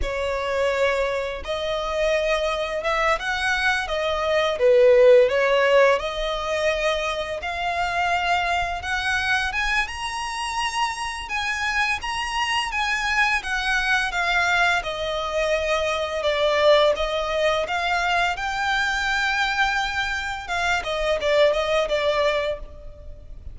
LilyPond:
\new Staff \with { instrumentName = "violin" } { \time 4/4 \tempo 4 = 85 cis''2 dis''2 | e''8 fis''4 dis''4 b'4 cis''8~ | cis''8 dis''2 f''4.~ | f''8 fis''4 gis''8 ais''2 |
gis''4 ais''4 gis''4 fis''4 | f''4 dis''2 d''4 | dis''4 f''4 g''2~ | g''4 f''8 dis''8 d''8 dis''8 d''4 | }